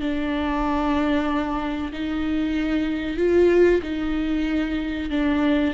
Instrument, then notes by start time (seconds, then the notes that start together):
viola
0.00 D4
1.92 D#4
3.17 F4
3.82 D#4
5.10 D4